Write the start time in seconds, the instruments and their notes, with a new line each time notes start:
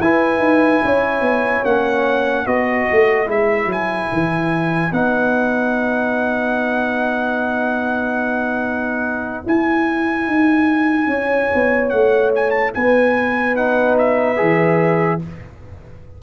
0.00 tuba E4, trombone E4, horn B4, trumpet G#5
0.38 tuba D#4
0.84 tuba C#4, horn C#5
1.21 tuba B3
1.64 tuba A#3, trombone C#4, trumpet F#5
2.46 tuba B3, trombone F#4, horn B4, trumpet D#5
2.92 tuba A3
3.26 tuba G#3, trombone E4, trumpet E5
3.66 tuba F#3
3.72 trumpet G#5
4.13 tuba E3
4.92 tuba B3, trombone D#4, trumpet F#5
9.44 trombone E4, tuba E4, trumpet G#5
10.27 tuba D#4
11.07 tuba C#4, horn C#5
11.54 tuba B3
11.90 tuba A3, trumpet F#5
12.35 trumpet G#5
12.51 trumpet A5
12.74 tuba B3, horn B4, trumpet G#5
13.55 trombone D#4, trumpet F#5
13.98 trumpet E5
14.36 tuba E3, trombone G#4